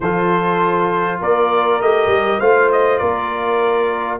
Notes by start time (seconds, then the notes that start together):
0.00 F3 F4 A4 C5
1.20 A#3 A#4 D5
1.80 A3 G4 D#5
2.06 G3
2.39 A3 F4 C5 F5
2.72 D#5
2.98 A#3 A#4 D5